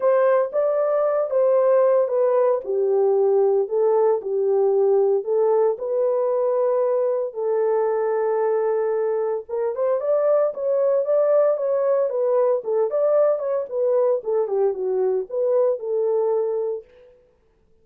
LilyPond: \new Staff \with { instrumentName = "horn" } { \time 4/4 \tempo 4 = 114 c''4 d''4. c''4. | b'4 g'2 a'4 | g'2 a'4 b'4~ | b'2 a'2~ |
a'2 ais'8 c''8 d''4 | cis''4 d''4 cis''4 b'4 | a'8 d''4 cis''8 b'4 a'8 g'8 | fis'4 b'4 a'2 | }